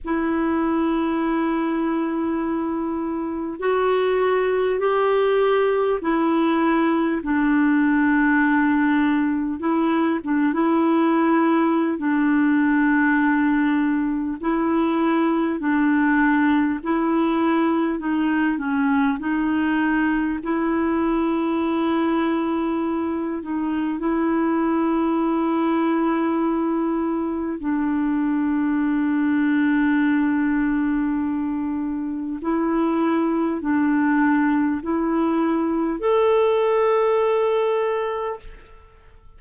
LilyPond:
\new Staff \with { instrumentName = "clarinet" } { \time 4/4 \tempo 4 = 50 e'2. fis'4 | g'4 e'4 d'2 | e'8 d'16 e'4~ e'16 d'2 | e'4 d'4 e'4 dis'8 cis'8 |
dis'4 e'2~ e'8 dis'8 | e'2. d'4~ | d'2. e'4 | d'4 e'4 a'2 | }